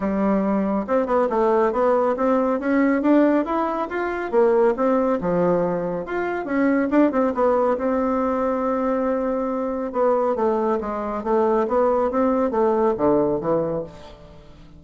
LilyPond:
\new Staff \with { instrumentName = "bassoon" } { \time 4/4 \tempo 4 = 139 g2 c'8 b8 a4 | b4 c'4 cis'4 d'4 | e'4 f'4 ais4 c'4 | f2 f'4 cis'4 |
d'8 c'8 b4 c'2~ | c'2. b4 | a4 gis4 a4 b4 | c'4 a4 d4 e4 | }